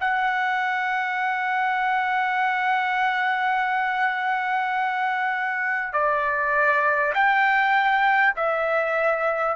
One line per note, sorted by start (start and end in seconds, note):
0.00 5.93 F#5
5.93 7.13 D5
7.14 8.34 G5
8.36 9.56 E5